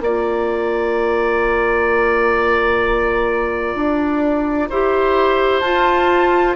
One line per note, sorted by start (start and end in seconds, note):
0.00 3.74 A#3
0.00 4.70 F4
0.00 4.69 D5
0.00 5.60 A#5
3.74 4.68 D4
4.69 5.61 E4
4.69 5.63 G4
4.69 6.55 C5
5.60 6.55 F4
5.60 6.54 A5